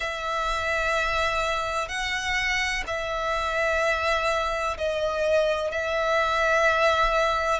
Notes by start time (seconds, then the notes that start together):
0.00 E5
1.88 F#5
2.86 E5
4.77 D#5
5.71 E5